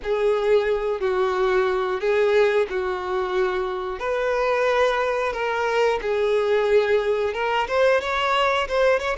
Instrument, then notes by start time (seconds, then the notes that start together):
violin
0.03 G#4
1.00 F#4
2.00 G#4
2.69 F#4
3.99 B4
5.32 A#4
6.01 G#4
7.33 A#4
7.67 C5
8.01 C#5
8.68 C5
8.99 C#5